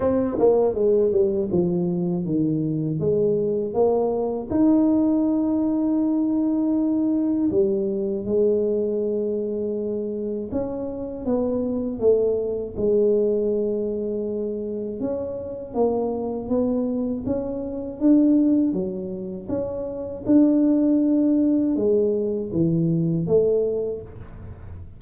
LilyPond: \new Staff \with { instrumentName = "tuba" } { \time 4/4 \tempo 4 = 80 c'8 ais8 gis8 g8 f4 dis4 | gis4 ais4 dis'2~ | dis'2 g4 gis4~ | gis2 cis'4 b4 |
a4 gis2. | cis'4 ais4 b4 cis'4 | d'4 fis4 cis'4 d'4~ | d'4 gis4 e4 a4 | }